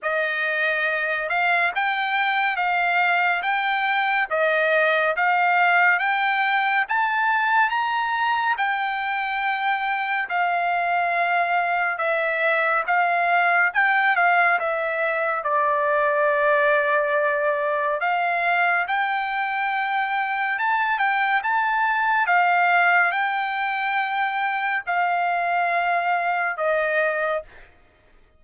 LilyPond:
\new Staff \with { instrumentName = "trumpet" } { \time 4/4 \tempo 4 = 70 dis''4. f''8 g''4 f''4 | g''4 dis''4 f''4 g''4 | a''4 ais''4 g''2 | f''2 e''4 f''4 |
g''8 f''8 e''4 d''2~ | d''4 f''4 g''2 | a''8 g''8 a''4 f''4 g''4~ | g''4 f''2 dis''4 | }